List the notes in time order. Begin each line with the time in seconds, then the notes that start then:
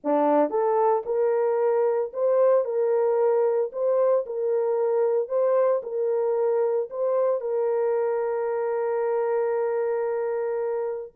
0.03 D4
0.50 A4
1.05 A#4
2.13 C5
2.64 A#4
3.72 C5
4.26 A#4
5.28 C5
5.82 A#4
6.90 C5
7.41 A#4